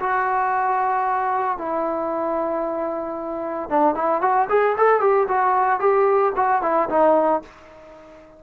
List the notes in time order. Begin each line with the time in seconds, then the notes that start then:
0.00 F#4
1.58 E4
3.70 D4
3.95 E4
4.22 F#4
4.50 G#4
4.78 A4
5.01 G4
5.28 F#4
5.80 G4
6.36 F#4
6.63 E4
6.90 D#4